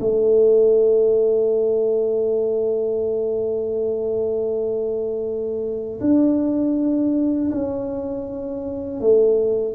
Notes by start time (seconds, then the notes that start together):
0.00 A3
6.00 D4
7.51 C#4
9.00 A3